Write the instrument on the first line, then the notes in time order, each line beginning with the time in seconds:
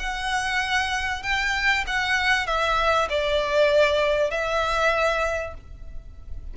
violin
0.00 F#5
1.23 G5
1.88 F#5
2.47 E5
3.10 D5
4.31 E5